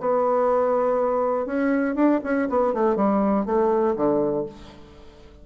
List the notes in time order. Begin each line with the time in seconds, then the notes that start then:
0.00 B3
1.46 C#4
1.95 D4
2.23 C#4
2.49 B3
2.73 A3
2.96 G3
3.46 A3
3.96 D3